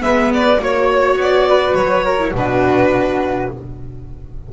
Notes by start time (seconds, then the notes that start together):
0.00 G#3 B3 B4 E5
0.34 D5
0.60 A#3 F#4 C#5
1.16 B3 D5
1.49 B4
1.74 F#3 C#5
2.04 A#4
2.19 E4
2.34 B2 D4 F#4 B4